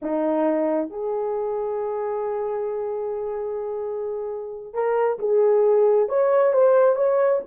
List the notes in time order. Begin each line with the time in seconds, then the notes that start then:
0.02 D#4
0.90 G#4
4.73 A#4
5.18 G#4
6.08 C#5
6.53 C5
6.95 C#5